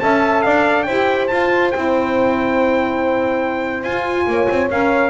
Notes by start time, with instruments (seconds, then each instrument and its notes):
0.00 double bass C#4, saxophone A4, horn E5, trumpet A5
0.42 double bass D4, horn D5, trumpet F5
0.83 double bass E4, saxophone G4, horn C5, trumpet G5
1.27 saxophone F4, double bass F4, trumpet A5
1.71 double bass C4, saxophone E4, trumpet G5
3.84 double bass F4, saxophone F4, trumpet G#5
4.27 double bass A#3, horn C#5
4.49 double bass C4
4.70 double bass C#4, saxophone A#4, trumpet F5